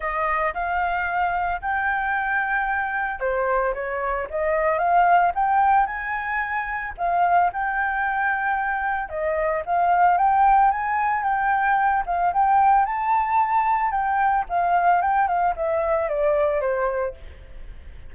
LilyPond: \new Staff \with { instrumentName = "flute" } { \time 4/4 \tempo 4 = 112 dis''4 f''2 g''4~ | g''2 c''4 cis''4 | dis''4 f''4 g''4 gis''4~ | gis''4 f''4 g''2~ |
g''4 dis''4 f''4 g''4 | gis''4 g''4. f''8 g''4 | a''2 g''4 f''4 | g''8 f''8 e''4 d''4 c''4 | }